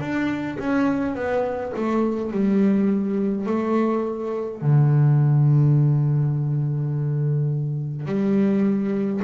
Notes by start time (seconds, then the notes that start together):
0.00 D4
0.59 C#4
1.15 B3
1.76 A3
2.32 G3
3.46 A3
4.62 D3
8.06 G3